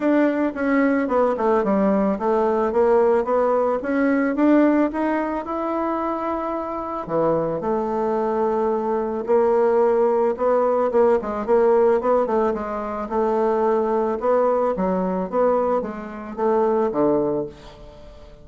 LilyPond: \new Staff \with { instrumentName = "bassoon" } { \time 4/4 \tempo 4 = 110 d'4 cis'4 b8 a8 g4 | a4 ais4 b4 cis'4 | d'4 dis'4 e'2~ | e'4 e4 a2~ |
a4 ais2 b4 | ais8 gis8 ais4 b8 a8 gis4 | a2 b4 fis4 | b4 gis4 a4 d4 | }